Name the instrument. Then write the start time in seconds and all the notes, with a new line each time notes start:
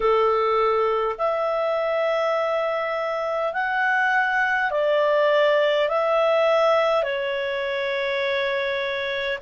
clarinet
0.00 A4
1.18 E5
3.53 F#5
4.71 D5
5.88 E5
7.03 C#5